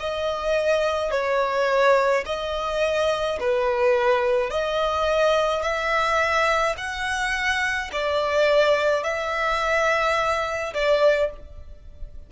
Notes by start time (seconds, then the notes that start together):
0.00 D#5
1.11 C#5
2.26 D#5
3.40 B4
4.50 D#5
5.62 E5
6.77 F#5
7.92 D5
9.04 E5
10.73 D5